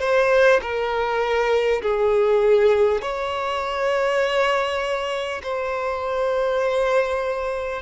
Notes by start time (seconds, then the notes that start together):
0.00 C5
0.61 A#4
1.82 G#4
3.02 C#5
5.43 C5